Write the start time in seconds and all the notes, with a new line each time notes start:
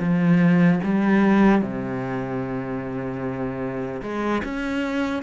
0.00 F3
0.84 G3
1.62 C3
4.03 G#3
4.45 C#4